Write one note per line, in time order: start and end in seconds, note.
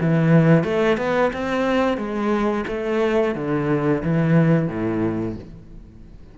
0.00 0.63 E3
0.63 0.97 A3
0.97 1.31 B3
1.33 1.97 C4
1.97 2.64 G#3
2.67 3.35 A3
3.35 4.02 D3
4.03 4.68 E3
4.68 5.35 A2